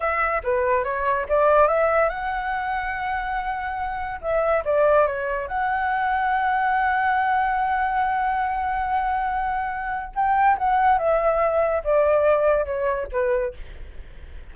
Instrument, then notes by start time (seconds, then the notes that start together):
flute
0.00 E5
0.43 B4
0.84 C#5
1.28 D5
1.68 E5
2.09 F#5
4.21 E5
4.64 D5
5.06 C#5
5.47 F#5
10.15 G5
10.58 F#5
10.98 E5
11.83 D5
12.65 C#5
13.11 B4